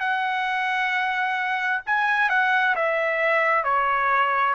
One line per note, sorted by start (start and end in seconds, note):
0.00 1.82 F#5
1.87 2.30 G#5
2.30 2.75 F#5
2.76 3.64 E5
3.64 4.55 C#5